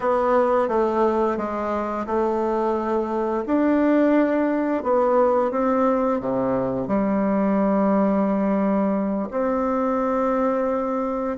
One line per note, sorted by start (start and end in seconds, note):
0.00 0.68 B3
0.68 1.37 A3
1.37 2.06 G#3
2.06 3.44 A3
3.46 4.83 D4
4.83 5.51 B3
5.51 6.20 C4
6.20 6.87 C3
6.87 9.29 G3
9.30 11.37 C4